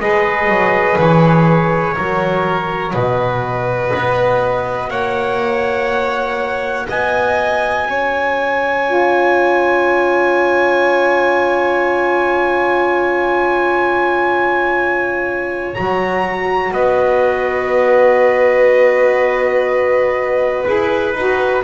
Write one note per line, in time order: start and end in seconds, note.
0.00 0.47 G#3
0.00 1.95 G#4
0.00 1.94 B4
0.00 0.98 D#5
0.47 0.97 F#3
0.99 1.97 E3
0.99 2.94 C#5
1.94 2.94 F#3
1.94 8.84 F#4
1.94 2.92 A#4
2.93 3.92 B2
2.93 4.89 B4
2.93 4.90 D#5
3.95 4.91 B3
4.90 6.87 A#3
4.90 6.86 C#5
4.90 6.87 F#5
6.88 7.86 B3
6.88 7.87 D#5
6.88 15.74 G#5
7.86 15.73 C#4
7.86 16.72 C#5
8.85 15.74 F4
15.74 16.71 F#3
15.74 20.65 F#4
15.74 16.72 A#5
16.71 20.65 B3
16.71 21.64 B4
16.71 20.64 D#5
20.64 21.13 E4
20.64 21.14 G#4
20.64 21.62 B4
21.13 21.62 D#4
21.13 21.64 F#4